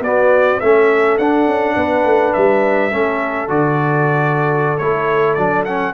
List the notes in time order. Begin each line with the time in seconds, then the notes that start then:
0.00 B3 F#4 D5
0.60 A3 C#4 A4 E5
1.18 D4 F#5
1.47 C#4
1.76 B3 B4
2.04 A3
2.33 G3 E5
2.91 A3 C#4 A4
3.48 D3 F#4 D5
4.78 A3 E4 C#5
5.34 F#3 D4 D5
5.65 C#4 F#5